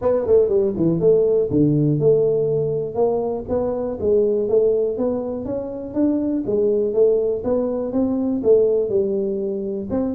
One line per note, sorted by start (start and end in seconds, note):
0.01 0.26 B3
0.26 0.48 A3
0.48 0.73 G3
0.76 1.00 E3
1.00 1.49 A3
1.50 1.99 D3
1.99 2.94 A3
2.94 3.44 A#3
3.48 3.98 B3
4.00 4.49 G#3
4.49 4.97 A3
4.97 5.45 B3
5.45 5.94 C#4
5.94 6.43 D4
6.46 6.93 G#3
6.93 7.43 A3
7.44 7.92 B3
7.92 8.41 C4
8.43 8.89 A3
8.89 9.88 G3
9.90 10.14 C4